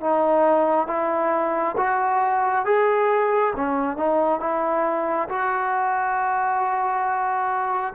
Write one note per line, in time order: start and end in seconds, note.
0.00 0.87 D#4
0.87 1.75 E4
1.77 2.65 F#4
2.65 3.53 G#4
3.56 3.97 C#4
3.97 4.40 D#4
4.40 5.28 E4
5.29 7.93 F#4